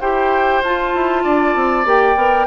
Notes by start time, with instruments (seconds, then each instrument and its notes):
0.00 bassoon E4, clarinet G4, oboe C5, flute G5
0.62 bassoon F4, clarinet F4, flute A5
0.94 bassoon E4
1.23 bassoon D4, oboe D5
1.55 bassoon C4
1.85 bassoon A#3, clarinet G4, flute G5
2.15 bassoon B3, clarinet A#4